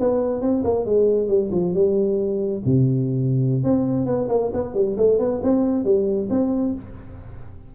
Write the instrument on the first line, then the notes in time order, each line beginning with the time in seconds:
tuba
0.00 B3
0.41 C4
0.64 A#3
0.85 G#3
1.28 G3
1.52 F3
1.74 G3
2.66 C3
3.64 C4
4.06 B3
4.29 A#3
4.53 B3
4.75 G3
4.98 A3
5.19 B3
5.43 C4
5.85 G3
6.30 C4